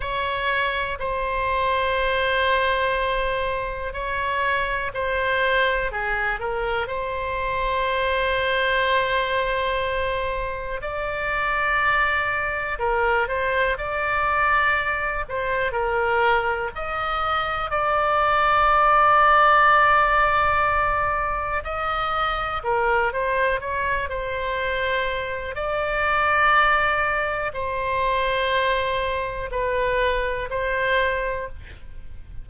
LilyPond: \new Staff \with { instrumentName = "oboe" } { \time 4/4 \tempo 4 = 61 cis''4 c''2. | cis''4 c''4 gis'8 ais'8 c''4~ | c''2. d''4~ | d''4 ais'8 c''8 d''4. c''8 |
ais'4 dis''4 d''2~ | d''2 dis''4 ais'8 c''8 | cis''8 c''4. d''2 | c''2 b'4 c''4 | }